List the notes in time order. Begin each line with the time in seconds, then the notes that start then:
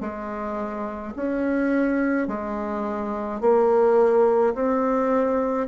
0.00 G#3
1.16 C#4
2.27 G#3
3.41 A#3
4.54 C4